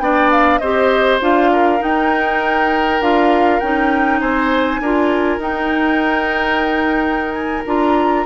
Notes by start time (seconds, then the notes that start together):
0.00 B3 D4 D5 G5
0.32 F5
0.59 C4 G4 C5 D#5
1.21 D4 F4 F5
1.53 A#4
1.80 D#4 G5
3.01 D4 F4 F5
3.60 C#4 D#4 G5
4.20 C4 C5 G#5
4.81 D4 F4 A#4
5.38 D#4 G5
7.33 G#5
7.67 D4 F4 A#5